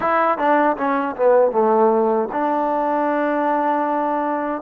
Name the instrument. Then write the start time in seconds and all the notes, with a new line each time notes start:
trombone
0.00 E4
0.37 D4
0.77 C#4
1.15 B3
1.51 A3
2.32 D4